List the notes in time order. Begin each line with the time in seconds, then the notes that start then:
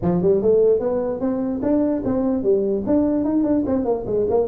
0.01 F3
0.22 G3
0.41 A3
0.79 B3
1.20 C4
1.62 D4
2.04 C4
2.43 G3
2.86 D4
3.24 D#4
3.43 D4
3.66 C4
3.85 A#3
4.06 G#3
4.29 A#3